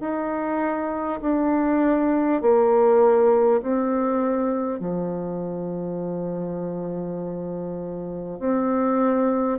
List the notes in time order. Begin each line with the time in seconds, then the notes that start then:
0.00 D#4
1.21 D4
2.41 A#3
3.62 C4
4.79 F3
8.39 C4